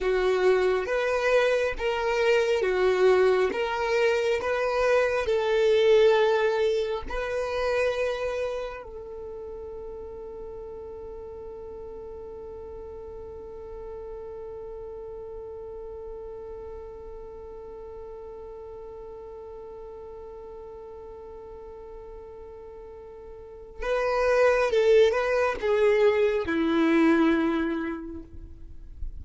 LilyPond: \new Staff \with { instrumentName = "violin" } { \time 4/4 \tempo 4 = 68 fis'4 b'4 ais'4 fis'4 | ais'4 b'4 a'2 | b'2 a'2~ | a'1~ |
a'1~ | a'1~ | a'2. b'4 | a'8 b'8 gis'4 e'2 | }